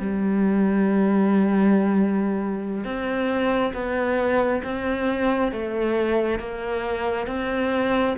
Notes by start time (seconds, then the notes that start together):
0.00 G3
2.85 C4
3.74 B3
4.64 C4
5.52 A3
6.39 A#3
7.27 C4